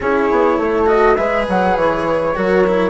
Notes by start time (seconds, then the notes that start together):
0.00 C#4 E4 G#4 C#5
0.31 B3
0.58 A3 A4
0.86 F#4 D#5
1.15 G#3 G#4 B4 E5
1.48 F#3 F#5
1.76 E3 C#5
2.35 F#3 F#4 A#4
2.66 E4